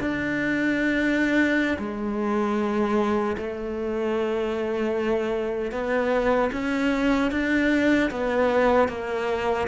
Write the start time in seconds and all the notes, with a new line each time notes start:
0.00 D4
1.79 G#3
3.37 A3
5.72 B3
6.52 C#4
7.31 D4
8.11 B3
8.89 A#3